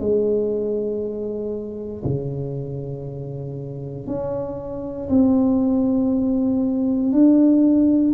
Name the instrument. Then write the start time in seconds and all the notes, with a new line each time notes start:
tuba
0.00 G#3
2.04 C#3
4.07 C#4
5.09 C4
7.12 D4